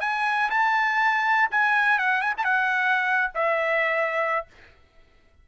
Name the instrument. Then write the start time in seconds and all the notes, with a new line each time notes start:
trumpet
0.00 G#5
0.50 A5
1.51 G#5
1.98 F#5
2.21 G#5
2.37 A5
2.44 F#5
3.34 E5